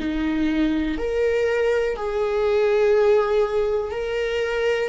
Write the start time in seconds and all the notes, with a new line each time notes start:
0.00 D#4
0.98 A#4
1.96 G#4
3.92 A#4